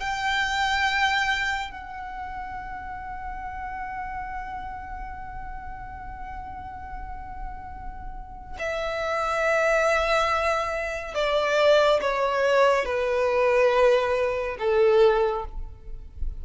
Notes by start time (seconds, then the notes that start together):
0.00 G5
1.71 F#5
8.59 E5
11.14 D5
12.01 C#5
12.85 B4
14.59 A4